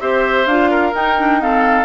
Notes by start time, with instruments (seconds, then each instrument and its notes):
0.00 bassoon C4, clarinet G4, oboe C5, flute E5
0.46 bassoon D4, clarinet F4, flute F5
0.71 oboe A#4
0.93 bassoon D#4, clarinet D#4, flute G5
1.18 clarinet D4
1.41 clarinet C4, oboe A4, flute F5